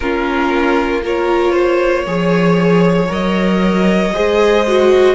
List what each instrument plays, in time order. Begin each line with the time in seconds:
0.00 cello A#3, viola C#4, violin F4 A#4
1.02 viola F4, violin A#4 C#5
1.52 violin C5
2.06 cello F3, viola G#4, violin C#5
3.07 cello F#3, viola A#4, violin D#5
4.14 cello G#3, viola G#4, violin C5
4.67 viola F#4